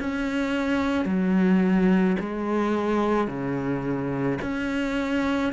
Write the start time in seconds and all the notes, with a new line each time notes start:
0.00 C#4
1.06 F#3
2.20 G#3
3.28 C#3
4.42 C#4